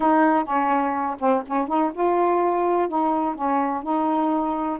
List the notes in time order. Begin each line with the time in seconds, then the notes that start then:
0.00 D#4
0.44 C#4
1.19 C4
1.46 C#4
1.67 D#4
1.93 F4
2.88 D#4
3.35 C#4
3.82 D#4